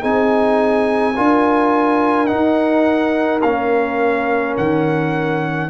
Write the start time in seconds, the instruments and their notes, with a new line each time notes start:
0.00 tuba C4, trombone D#4, horn G#4, trumpet G#5
1.16 tuba D4, trombone F4, horn A#4
2.26 trombone D#4, tuba D#4, trumpet F#5
3.42 tuba A#3, trombone C#4, trumpet F5
4.57 tuba D#3, trumpet F#5